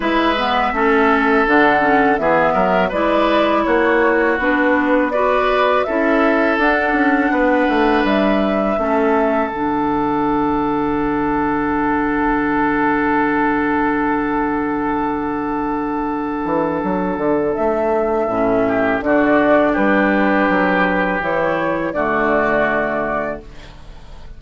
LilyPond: <<
  \new Staff \with { instrumentName = "flute" } { \time 4/4 \tempo 4 = 82 e''2 fis''4 e''4 | d''4 cis''4 b'4 d''4 | e''4 fis''2 e''4~ | e''4 fis''2.~ |
fis''1~ | fis''1 | e''2 d''4 b'4~ | b'4 cis''4 d''2 | }
  \new Staff \with { instrumentName = "oboe" } { \time 4/4 b'4 a'2 gis'8 ais'8 | b'4 fis'2 b'4 | a'2 b'2 | a'1~ |
a'1~ | a'1~ | a'4. g'8 fis'4 g'4~ | g'2 fis'2 | }
  \new Staff \with { instrumentName = "clarinet" } { \time 4/4 e'8 b8 cis'4 d'8 cis'8 b4 | e'2 d'4 fis'4 | e'4 d'2. | cis'4 d'2.~ |
d'1~ | d'1~ | d'4 cis'4 d'2~ | d'4 e'4 a2 | }
  \new Staff \with { instrumentName = "bassoon" } { \time 4/4 gis4 a4 d4 e8 fis8 | gis4 ais4 b2 | cis'4 d'8 cis'8 b8 a8 g4 | a4 d2.~ |
d1~ | d2~ d8 e8 fis8 d8 | a4 a,4 d4 g4 | fis4 e4 d2 | }
>>